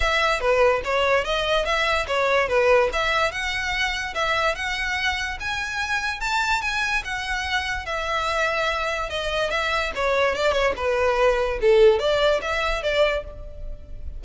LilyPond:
\new Staff \with { instrumentName = "violin" } { \time 4/4 \tempo 4 = 145 e''4 b'4 cis''4 dis''4 | e''4 cis''4 b'4 e''4 | fis''2 e''4 fis''4~ | fis''4 gis''2 a''4 |
gis''4 fis''2 e''4~ | e''2 dis''4 e''4 | cis''4 d''8 cis''8 b'2 | a'4 d''4 e''4 d''4 | }